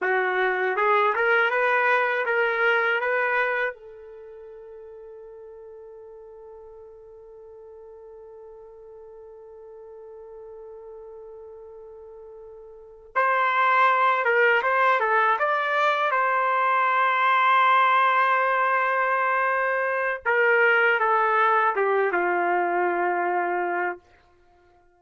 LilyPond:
\new Staff \with { instrumentName = "trumpet" } { \time 4/4 \tempo 4 = 80 fis'4 gis'8 ais'8 b'4 ais'4 | b'4 a'2.~ | a'1~ | a'1~ |
a'4. c''4. ais'8 c''8 | a'8 d''4 c''2~ c''8~ | c''2. ais'4 | a'4 g'8 f'2~ f'8 | }